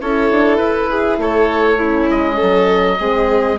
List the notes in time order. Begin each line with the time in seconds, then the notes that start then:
0.00 C#4 E4 A4 C#5
0.31 D4
0.57 E4 B4
0.91 G#4
1.18 A3 A4 C#5
1.79 C#4 E4
2.10 G#3 D#5
2.36 F#3 A4
2.99 G#3 C4 G#4